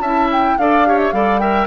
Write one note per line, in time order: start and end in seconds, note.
0.00 0.55 C#4
0.00 0.60 E4
0.00 0.57 E5
0.00 0.29 A5
0.32 0.58 G5
0.58 1.13 D4
0.58 0.87 A4
0.58 0.88 D5
0.58 0.99 F5
0.87 1.14 G4
0.87 1.15 C#5
0.99 1.12 E5
1.12 1.67 G3
1.12 1.40 A4
1.12 1.41 D5
1.12 1.40 F5
1.40 1.67 A#4
1.40 1.67 E5
1.40 1.67 G5